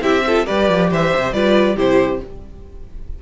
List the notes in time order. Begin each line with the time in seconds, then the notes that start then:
0.00 C4 E4 G4 E5
0.26 F4 A4
0.46 G3 G4 B4 D5
0.69 F3
0.90 E3 C5 E5
1.16 C3
1.33 G3 F4 B4 D5
1.76 C3 E4 G4 C5